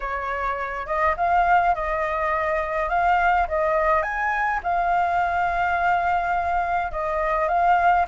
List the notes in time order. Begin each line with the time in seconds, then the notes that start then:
0.00 C#5
0.86 D#5
1.17 F5
1.74 D#5
2.89 F5
3.48 D#5
4.02 G#5
4.63 F5
6.91 D#5
7.48 F5